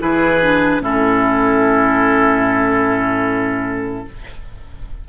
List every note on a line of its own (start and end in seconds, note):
0.00 0.81 E3
0.00 0.41 E4
0.00 0.83 G#4
0.00 0.83 B4
0.43 0.81 D4
0.81 4.05 A2
0.81 4.05 C#4
0.81 4.07 E4
0.81 4.09 A4